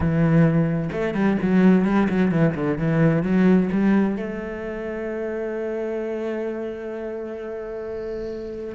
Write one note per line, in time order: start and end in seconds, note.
0.00 0.89 E3
0.91 1.14 A3
1.14 1.37 G3
1.42 1.85 F#3
1.85 2.08 G3
2.09 2.31 F#3
2.31 2.54 E3
2.54 2.77 D3
2.78 3.23 E3
3.23 3.69 F#3
3.72 4.16 G3
4.16 8.75 A3